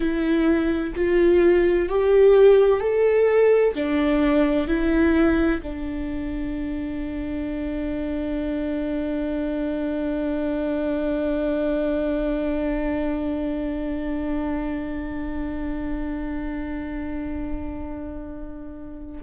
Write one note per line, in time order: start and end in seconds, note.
0.00 0.93 E4
0.95 1.88 F4
1.88 2.80 G4
2.80 3.74 A4
3.74 4.67 D4
4.67 5.61 E4
5.62 19.21 D4